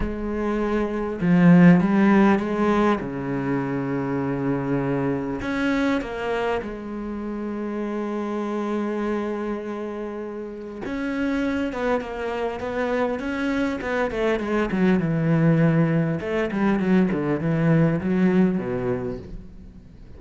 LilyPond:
\new Staff \with { instrumentName = "cello" } { \time 4/4 \tempo 4 = 100 gis2 f4 g4 | gis4 cis2.~ | cis4 cis'4 ais4 gis4~ | gis1~ |
gis2 cis'4. b8 | ais4 b4 cis'4 b8 a8 | gis8 fis8 e2 a8 g8 | fis8 d8 e4 fis4 b,4 | }